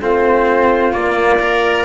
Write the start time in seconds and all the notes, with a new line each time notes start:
0.00 A3 C4 F4 C5
0.93 A#3 D5
1.40 A#4